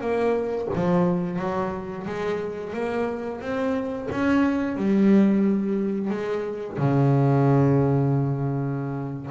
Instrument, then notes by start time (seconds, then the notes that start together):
double bass
0.00 A#3
0.74 F3
1.39 F#3
2.06 G#3
2.73 A#3
3.41 C4
4.11 C#4
4.76 G3
6.09 G#3
6.77 C#3